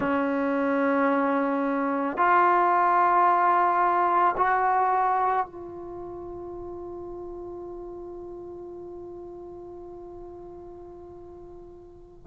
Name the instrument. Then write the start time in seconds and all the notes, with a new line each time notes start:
trombone
0.00 C#4
2.17 F4
4.37 F#4
5.45 F4